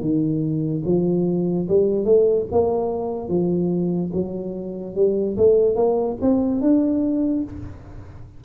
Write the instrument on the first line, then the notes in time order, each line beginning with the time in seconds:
tuba
0.00 D#3
0.85 F3
1.68 G3
2.04 A3
2.51 A#3
3.28 F3
4.13 F#3
4.95 G3
5.37 A3
5.76 A#3
6.21 C4
6.61 D4